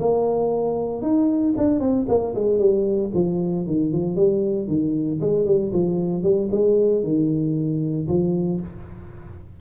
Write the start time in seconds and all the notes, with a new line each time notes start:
0.00 A#3
1.02 D#4
1.58 D4
1.80 C4
2.09 A#3
2.35 G#3
2.59 G3
3.14 F3
3.67 D#3
3.93 F3
4.16 G3
4.68 D#3
5.21 G#3
5.46 G3
5.73 F3
6.23 G3
6.51 G#3
7.04 D#3
8.08 F3